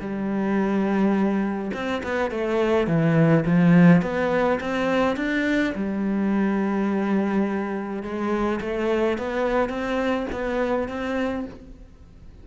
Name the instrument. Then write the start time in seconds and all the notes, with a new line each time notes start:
cello
0.00 G3
1.74 C4
2.03 B3
2.31 A3
2.87 E3
3.45 F3
4.02 B3
4.60 C4
5.16 D4
5.75 G3
8.03 G#3
8.61 A3
9.18 B3
9.69 C4
10.32 B3
10.89 C4